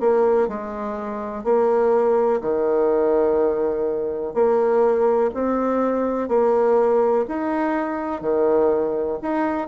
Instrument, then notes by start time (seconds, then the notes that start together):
bassoon
0.00 A#3
0.48 G#3
1.44 A#3
2.41 D#3
4.34 A#3
5.34 C4
6.29 A#3
7.28 D#4
8.21 D#3
9.22 D#4